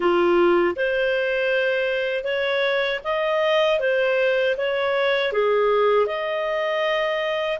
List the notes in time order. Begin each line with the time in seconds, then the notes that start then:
0.00 F4
0.76 C5
2.24 C#5
3.03 D#5
3.79 C5
4.57 C#5
5.32 G#4
6.06 D#5